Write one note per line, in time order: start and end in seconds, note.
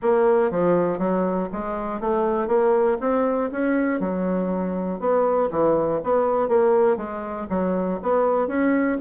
0.02 0.50 A#3
0.50 0.98 F3
0.98 1.48 F#3
1.52 2.00 G#3
2.00 2.47 A3
2.47 2.97 A#3
3.00 3.50 C4
3.51 4.00 C#4
4.00 4.99 F#3
4.99 5.49 B3
5.50 6.00 E3
6.03 6.48 B3
6.48 6.96 A#3
6.96 7.46 G#3
7.49 7.99 F#3
8.02 8.47 B3
8.47 8.97 C#4